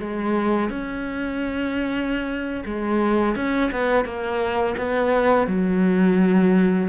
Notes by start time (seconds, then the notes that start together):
0.00 G#3
0.70 C#4
2.66 G#3
3.36 C#4
3.72 B3
4.05 A#3
4.78 B3
5.48 F#3